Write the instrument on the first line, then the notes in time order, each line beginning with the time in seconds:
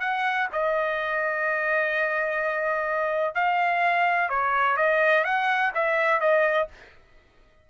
trumpet
0.00 F#5
0.52 D#5
3.35 F5
4.29 C#5
4.77 D#5
5.24 F#5
5.74 E5
6.21 D#5